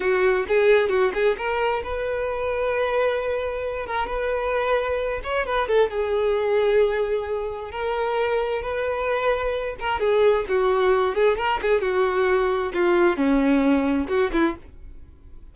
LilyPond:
\new Staff \with { instrumentName = "violin" } { \time 4/4 \tempo 4 = 132 fis'4 gis'4 fis'8 gis'8 ais'4 | b'1~ | b'8 ais'8 b'2~ b'8 cis''8 | b'8 a'8 gis'2.~ |
gis'4 ais'2 b'4~ | b'4. ais'8 gis'4 fis'4~ | fis'8 gis'8 ais'8 gis'8 fis'2 | f'4 cis'2 fis'8 e'8 | }